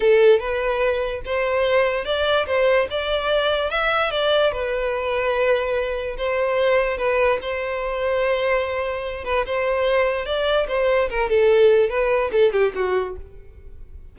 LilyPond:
\new Staff \with { instrumentName = "violin" } { \time 4/4 \tempo 4 = 146 a'4 b'2 c''4~ | c''4 d''4 c''4 d''4~ | d''4 e''4 d''4 b'4~ | b'2. c''4~ |
c''4 b'4 c''2~ | c''2~ c''8 b'8 c''4~ | c''4 d''4 c''4 ais'8 a'8~ | a'4 b'4 a'8 g'8 fis'4 | }